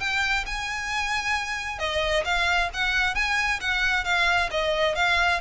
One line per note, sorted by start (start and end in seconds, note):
0.00 0.45 G5
0.46 1.79 G#5
1.79 2.24 D#5
2.25 2.70 F5
2.74 3.15 F#5
3.15 3.60 G#5
3.61 4.05 F#5
4.05 4.50 F5
4.51 4.95 D#5
4.95 5.41 F5